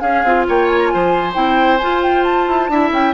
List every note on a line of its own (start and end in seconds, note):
0.00 0.23 C#4
0.00 0.24 C#4
0.00 0.46 G#4
0.00 0.45 F5
0.23 0.46 C4
0.23 1.34 F4
0.48 0.93 A#3
0.48 0.93 C#5
0.48 0.67 G5
0.67 0.78 G#5
0.79 0.87 A#5
0.87 2.71 C5
0.87 1.32 G#5
0.94 1.35 F3
1.34 1.80 C4
1.34 1.79 E4
1.34 1.78 G5
1.78 2.47 F4
1.78 2.71 F4
1.78 2.00 G#5
2.02 2.24 G5
2.24 2.91 A5
2.47 2.68 E4
2.68 2.91 D4
2.68 3.14 E4
2.68 3.14 E5
2.91 3.13 C#4
2.91 3.14 G5